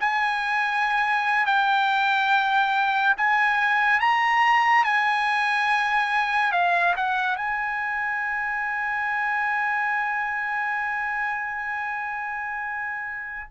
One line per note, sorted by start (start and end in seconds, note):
0.00 1.46 G#5
1.46 3.15 G5
3.17 4.00 G#5
4.00 4.84 A#5
4.84 6.52 G#5
6.52 6.94 F5
6.96 7.36 F#5
7.36 13.49 G#5